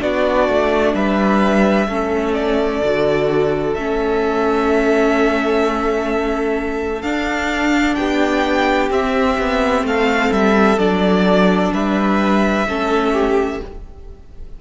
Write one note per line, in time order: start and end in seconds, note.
0.00 0.49 B3
0.00 1.88 D4
0.00 0.95 F#4
0.00 0.95 D5
0.49 0.94 A3
0.94 1.88 G3
0.94 1.88 B4
0.94 2.34 E5
1.88 2.81 A3
1.88 2.82 C#4
1.88 7.97 A4
2.34 3.74 D5
2.83 3.75 D3
2.83 3.78 F#4
3.74 7.02 A3
3.74 7.04 C#4
3.74 7.02 E5
7.02 7.96 D4
7.02 8.90 D4
7.02 7.95 F5
7.95 8.90 B3
7.95 9.86 G4
7.95 8.89 G5
8.90 9.37 C4
8.90 10.78 C4
8.90 9.86 E5
9.38 9.83 B3
9.83 10.29 A3
9.83 11.73 A4
9.83 10.32 F5
10.32 10.78 G3
10.32 10.79 E5
10.78 11.71 F#3
10.78 12.66 D4
10.78 11.72 D5
11.73 12.66 G3
11.73 12.67 B4
11.73 13.61 E5
12.66 13.60 A3
12.66 13.61 C#4
12.66 13.13 A4
13.13 13.60 G4